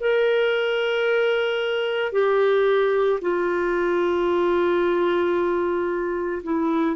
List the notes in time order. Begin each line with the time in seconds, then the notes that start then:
0.00 A#4
2.12 G4
3.21 F4
6.43 E4